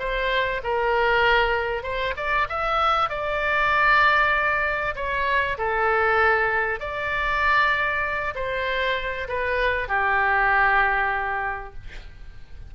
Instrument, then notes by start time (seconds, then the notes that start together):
oboe
0.00 C5
0.64 A#4
1.84 C5
2.17 D5
2.49 E5
3.10 D5
4.96 C#5
5.58 A4
6.80 D5
8.36 C5
9.29 B4
9.89 G4